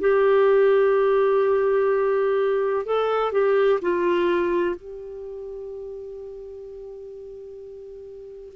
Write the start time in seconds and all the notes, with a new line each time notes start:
0.00 G4
2.86 A4
3.32 G4
3.82 F4
4.76 G4